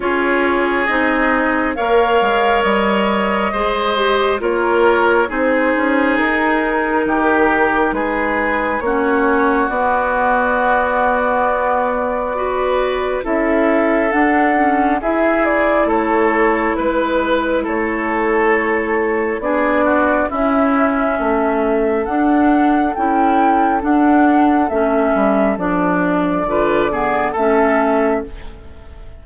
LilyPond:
<<
  \new Staff \with { instrumentName = "flute" } { \time 4/4 \tempo 4 = 68 cis''4 dis''4 f''4 dis''4~ | dis''4 cis''4 c''4 ais'4~ | ais'4 b'4 cis''4 d''4~ | d''2. e''4 |
fis''4 e''8 d''8 cis''4 b'4 | cis''2 d''4 e''4~ | e''4 fis''4 g''4 fis''4 | e''4 d''2 e''4 | }
  \new Staff \with { instrumentName = "oboe" } { \time 4/4 gis'2 cis''2 | c''4 ais'4 gis'2 | g'4 gis'4 fis'2~ | fis'2 b'4 a'4~ |
a'4 gis'4 a'4 b'4 | a'2 gis'8 fis'8 e'4 | a'1~ | a'2 b'8 gis'8 a'4 | }
  \new Staff \with { instrumentName = "clarinet" } { \time 4/4 f'4 dis'4 ais'2 | gis'8 g'8 f'4 dis'2~ | dis'2 cis'4 b4~ | b2 fis'4 e'4 |
d'8 cis'8 e'2.~ | e'2 d'4 cis'4~ | cis'4 d'4 e'4 d'4 | cis'4 d'4 f'8 b8 cis'4 | }
  \new Staff \with { instrumentName = "bassoon" } { \time 4/4 cis'4 c'4 ais8 gis8 g4 | gis4 ais4 c'8 cis'8 dis'4 | dis4 gis4 ais4 b4~ | b2. cis'4 |
d'4 e'4 a4 gis4 | a2 b4 cis'4 | a4 d'4 cis'4 d'4 | a8 g8 f4 d4 a4 | }
>>